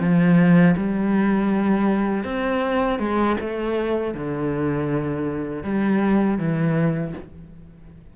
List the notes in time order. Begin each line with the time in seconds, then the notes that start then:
0.00 F3
0.77 G3
2.24 C4
2.99 G#3
3.40 A3
4.15 D3
5.64 G3
6.39 E3